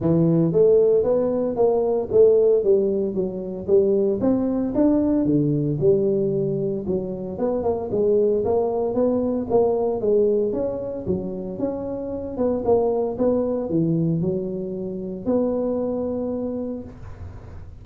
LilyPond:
\new Staff \with { instrumentName = "tuba" } { \time 4/4 \tempo 4 = 114 e4 a4 b4 ais4 | a4 g4 fis4 g4 | c'4 d'4 d4 g4~ | g4 fis4 b8 ais8 gis4 |
ais4 b4 ais4 gis4 | cis'4 fis4 cis'4. b8 | ais4 b4 e4 fis4~ | fis4 b2. | }